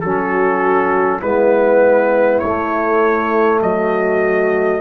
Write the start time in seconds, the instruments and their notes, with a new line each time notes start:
0.00 tuba F#3, trombone C#4, horn F#4, trumpet A4
1.20 tuba G#3, trombone B3, horn E4, trumpet B4
2.39 tuba A3, trumpet C#5
2.45 trombone A3
3.61 tuba F#3, horn F#4, trumpet D#5